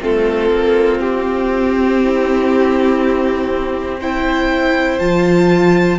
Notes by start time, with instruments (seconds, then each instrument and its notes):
0.00 cello A3, viola C4, violin F4 A4
0.50 cello A#3
0.99 cello C4, violin G4
2.01 violin E4
4.00 viola E4, violin C5 G5
4.99 cello F3, viola F4, violin A5